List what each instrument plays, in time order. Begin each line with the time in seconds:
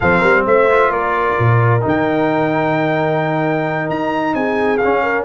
0.00 tuba F3, trombone C4, horn A4, trumpet F5
0.18 tuba G3, horn A#4
0.45 tuba A3, horn C5, trumpet E5
0.70 trombone F4
0.89 tuba A#3, horn A#4, trumpet D5
1.38 tuba A#2
1.80 tuba D#3, trombone D#4
1.87 trumpet G5
3.89 tuba D#4, trumpet A#5
4.34 tuba C4, horn G#4, trumpet G#5
4.77 trombone C#4, trumpet F5
4.84 tuba C#4
5.03 horn A#4